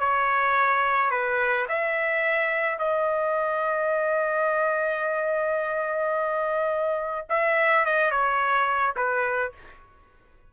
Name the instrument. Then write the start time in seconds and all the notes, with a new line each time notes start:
trumpet
0.00 C#5
1.11 B4
1.69 E5
2.79 D#5
7.30 E5
7.86 D#5
8.12 C#5
8.97 B4